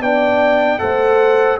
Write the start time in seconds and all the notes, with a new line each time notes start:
0.00 B3 D4 D5 G5
0.79 A3 A4 C5 F#5